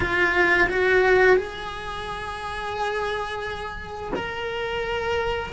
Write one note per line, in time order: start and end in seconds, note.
0.00 0.68 F4
0.69 1.36 F#4
1.36 4.12 G#4
4.15 5.53 A#4